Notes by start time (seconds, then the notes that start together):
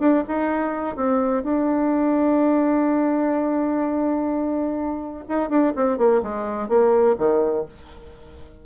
0.00 D4
0.28 D#4
0.97 C4
1.44 D4
5.29 D#4
5.50 D4
5.76 C4
5.98 A#3
6.23 G#3
6.69 A#3
7.18 D#3